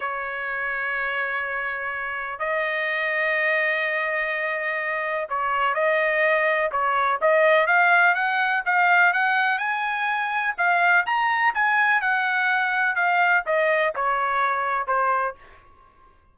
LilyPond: \new Staff \with { instrumentName = "trumpet" } { \time 4/4 \tempo 4 = 125 cis''1~ | cis''4 dis''2.~ | dis''2. cis''4 | dis''2 cis''4 dis''4 |
f''4 fis''4 f''4 fis''4 | gis''2 f''4 ais''4 | gis''4 fis''2 f''4 | dis''4 cis''2 c''4 | }